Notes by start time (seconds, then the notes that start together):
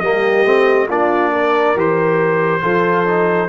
0.00 G3 A#3 G4 D#5
0.45 A3 C4
0.88 A#3 D4 F4 D5
1.33 A#4
1.76 E3 G4 C5
2.62 F3 F4 A4
3.06 D#4